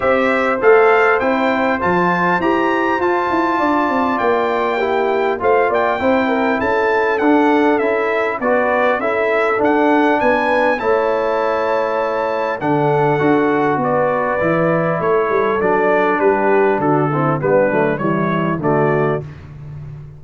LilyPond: <<
  \new Staff \with { instrumentName = "trumpet" } { \time 4/4 \tempo 4 = 100 e''4 f''4 g''4 a''4 | ais''4 a''2 g''4~ | g''4 f''8 g''4. a''4 | fis''4 e''4 d''4 e''4 |
fis''4 gis''4 a''2~ | a''4 fis''2 d''4~ | d''4 cis''4 d''4 b'4 | a'4 b'4 cis''4 d''4 | }
  \new Staff \with { instrumentName = "horn" } { \time 4/4 c''1~ | c''2 d''2 | g'4 c''8 d''8 c''8 ais'8 a'4~ | a'2 b'4 a'4~ |
a'4 b'4 cis''2~ | cis''4 a'2 b'4~ | b'4 a'2 g'4 | fis'8 e'8 d'4 e'4 fis'4 | }
  \new Staff \with { instrumentName = "trombone" } { \time 4/4 g'4 a'4 e'4 f'4 | g'4 f'2. | e'4 f'4 e'2 | d'4 e'4 fis'4 e'4 |
d'2 e'2~ | e'4 d'4 fis'2 | e'2 d'2~ | d'8 c'8 b8 a8 g4 a4 | }
  \new Staff \with { instrumentName = "tuba" } { \time 4/4 c'4 a4 c'4 f4 | e'4 f'8 e'8 d'8 c'8 ais4~ | ais4 a8 ais8 c'4 cis'4 | d'4 cis'4 b4 cis'4 |
d'4 b4 a2~ | a4 d4 d'4 b4 | e4 a8 g8 fis4 g4 | d4 g8 fis8 e4 d4 | }
>>